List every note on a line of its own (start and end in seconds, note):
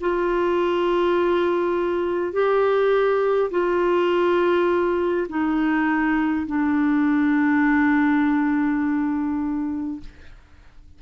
0.00 2.33 F4
2.33 3.50 G4
3.51 5.27 F4
5.28 6.46 D#4
6.47 9.99 D4